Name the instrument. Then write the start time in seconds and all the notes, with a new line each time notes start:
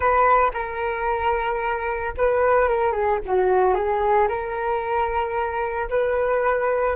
flute
0.00 B4
0.53 A#4
2.17 B4
2.68 A#4
2.91 G#4
3.25 F#4
3.74 G#4
4.28 A#4
5.89 B4